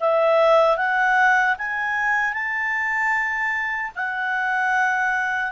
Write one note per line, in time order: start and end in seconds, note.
0.00 0.77 E5
0.77 1.56 F#5
1.58 2.34 G#5
2.34 3.92 A5
3.96 5.52 F#5